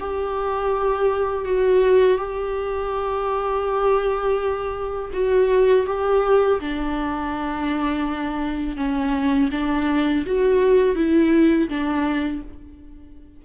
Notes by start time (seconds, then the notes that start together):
0.00 G4
1.46 F#4
2.18 G4
5.14 F#4
5.87 G4
6.61 D4
8.77 C#4
9.52 D4
10.26 F#4
10.96 E4
11.69 D4